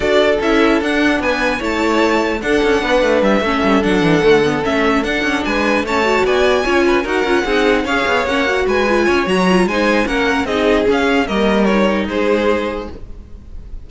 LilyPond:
<<
  \new Staff \with { instrumentName = "violin" } { \time 4/4 \tempo 4 = 149 d''4 e''4 fis''4 gis''4 | a''2 fis''2 | e''4. fis''2 e''8~ | e''8 fis''4 gis''4 a''4 gis''8~ |
gis''4. fis''2 f''8~ | f''8 fis''4 gis''4. ais''4 | gis''4 fis''4 dis''4 f''4 | dis''4 cis''4 c''2 | }
  \new Staff \with { instrumentName = "violin" } { \time 4/4 a'2. b'4 | cis''2 a'4 b'4~ | b'8 a'2.~ a'8~ | a'4. b'4 cis''4 d''8~ |
d''8 cis''8 b'8 ais'4 gis'4 cis''8~ | cis''4. b'4 cis''4. | c''4 ais'4 gis'2 | ais'2 gis'2 | }
  \new Staff \with { instrumentName = "viola" } { \time 4/4 fis'4 e'4 d'2 | e'2 d'2~ | d'8 cis'4 d'4 a8 b8 cis'8~ | cis'8 d'2 cis'8 fis'4~ |
fis'8 f'4 fis'8 f'8 dis'4 gis'8~ | gis'8 cis'8 fis'4 f'4 fis'8 f'8 | dis'4 cis'4 dis'4 cis'4 | ais4 dis'2. | }
  \new Staff \with { instrumentName = "cello" } { \time 4/4 d'4 cis'4 d'4 b4 | a2 d'8 cis'8 b8 a8 | g8 a8 g8 fis8 e8 d4 a8~ | a8 d'8 cis'8 gis4 a4 b8~ |
b8 cis'4 dis'8 cis'8 c'4 cis'8 | b8 ais4 gis4 cis'8 fis4 | gis4 ais4 c'4 cis'4 | g2 gis2 | }
>>